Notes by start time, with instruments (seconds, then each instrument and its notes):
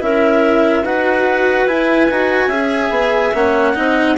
0.00 bassoon C#4, cello E4, clarinet A#4 E5
0.84 bassoon D#4, cello F#4, clarinet B4 F#5
1.67 bassoon E4, cello E4, clarinet G#5
2.11 bassoon D#4, cello F#4
2.48 bassoon C#4, cello G#4, clarinet E5
2.90 bassoon B3
3.34 bassoon A#3, cello C#4, clarinet F#5
3.74 bassoon C4, cello D#4, clarinet D#5